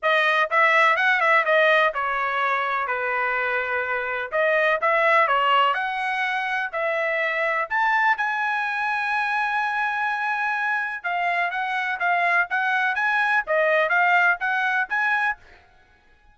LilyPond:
\new Staff \with { instrumentName = "trumpet" } { \time 4/4 \tempo 4 = 125 dis''4 e''4 fis''8 e''8 dis''4 | cis''2 b'2~ | b'4 dis''4 e''4 cis''4 | fis''2 e''2 |
a''4 gis''2.~ | gis''2. f''4 | fis''4 f''4 fis''4 gis''4 | dis''4 f''4 fis''4 gis''4 | }